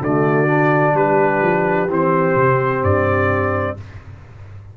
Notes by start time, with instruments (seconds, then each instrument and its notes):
0.00 tuba D3, trombone A3, horn F#4, trumpet D5
0.47 trombone D4
0.94 tuba G3, horn G4, trumpet B4
1.42 tuba F3
1.88 tuba E3, trombone C4, trumpet C5
2.36 tuba C3
2.83 tuba G2, trumpet D5